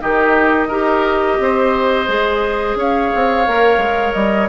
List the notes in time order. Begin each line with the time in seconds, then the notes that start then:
0.00 D#3 D#4 G4 D#5
0.68 D#4 G4 A#4
1.39 C4 C5
2.07 G#3 G#4
2.75 C#4 C#5 F5
3.15 C4
3.46 A#3 A#4
3.78 G#3
4.13 G3 D#5